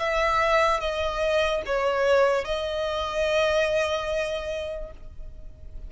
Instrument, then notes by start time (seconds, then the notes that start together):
violin
0.00 E5
0.81 D#5
1.66 C#5
2.45 D#5